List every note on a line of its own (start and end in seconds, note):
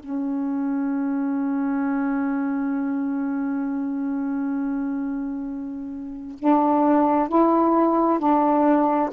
0.00 6.36 C#4
6.39 7.29 D4
7.29 8.19 E4
8.19 9.10 D4